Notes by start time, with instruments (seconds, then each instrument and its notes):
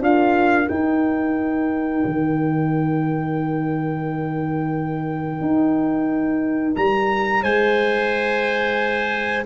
0.00 tuba D4, horn F4, clarinet A#4, trumpet F5
0.67 horn D#4, tuba D#4, trumpet G5
2.05 tuba D#3
5.41 tuba D#4
6.76 tuba G3, trumpet A#5
7.43 tuba G#3, clarinet C5, trumpet G#5